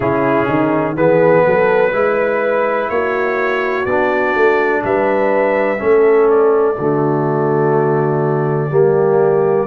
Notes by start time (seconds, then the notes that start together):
0.00 C#3 C#4 E4 G#4
0.46 D#3 D#4
0.96 E3 B3 G#4 B4
1.45 F#3 A4
1.91 G#3 E4 B4
2.89 A#3 F#4 C#5
3.85 B3 D4 D5
4.35 A3
4.84 G3 B4 E5
5.78 A3 C#4 A4
6.30 D5
6.78 D3 A3 F#4
8.70 G3 A#3 G4